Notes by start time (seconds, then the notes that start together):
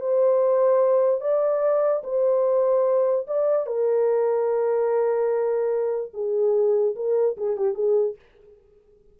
0.00 C5
1.20 D5
2.04 C5
3.27 D5
3.66 A#4
6.14 G#4
6.96 A#4
7.37 G#4
7.57 G4
7.74 G#4